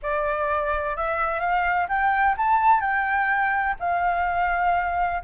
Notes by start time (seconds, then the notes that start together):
0.02 D5
0.96 E5
1.40 F5
1.88 G5
2.37 A5
2.80 G5
3.79 F5